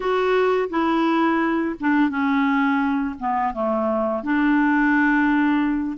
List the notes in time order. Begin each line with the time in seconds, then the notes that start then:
0.00 F#4
0.69 E4
1.80 D4
2.09 C#4
3.19 B3
3.53 A3
4.23 D4